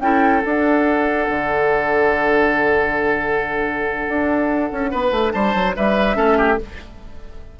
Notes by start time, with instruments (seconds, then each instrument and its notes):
0.00 bassoon C#4, clarinet E4, oboe A4, flute G5
0.42 clarinet D4, bassoon D4, flute F#5
1.29 bassoon D3
4.08 bassoon D4
4.72 bassoon C#4
4.91 bassoon B3, oboe B4
5.11 bassoon A3
5.31 bassoon G3, oboe C5, flute A5
5.54 bassoon F#3
5.76 bassoon G3, oboe B4, flute E5
6.15 bassoon A3, clarinet C#4, oboe A4
6.38 oboe G4